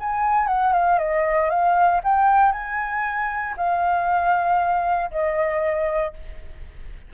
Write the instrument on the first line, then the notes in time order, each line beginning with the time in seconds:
flute
0.00 G#5
0.48 F#5
0.73 F5
0.99 D#5
1.50 F5
2.04 G5
2.53 G#5
3.57 F5
5.11 D#5